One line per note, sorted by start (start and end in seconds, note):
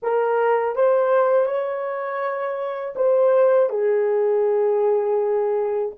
0.02 0.75 A#4
0.75 1.45 C5
1.45 2.94 C#5
2.95 3.69 C5
3.69 5.92 G#4